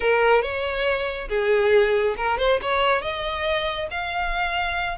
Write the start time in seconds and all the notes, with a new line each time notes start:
0.00 A#4
0.42 C#5
1.29 G#4
2.16 A#4
2.38 C5
2.62 C#5
3.01 D#5
3.91 F5